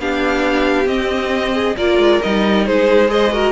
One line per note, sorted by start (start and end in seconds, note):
0.00 0.86 B3
0.00 0.85 D4
0.00 1.54 G4
0.00 0.88 F5
0.85 1.74 C4
0.85 1.75 C4
0.85 1.77 D#5
1.54 1.77 G#4
1.77 1.98 A#3
1.77 2.22 F4
1.77 2.66 A#4
1.77 2.22 D5
1.98 2.20 G#3
2.23 2.69 G3
2.23 3.08 D#4
2.23 2.67 D#5
2.67 3.52 G#3
2.67 3.11 G#4
2.67 3.11 C5
3.08 3.31 G#4
3.08 3.33 C5
3.08 3.52 D#5
3.33 3.52 F#4
3.33 3.52 A#4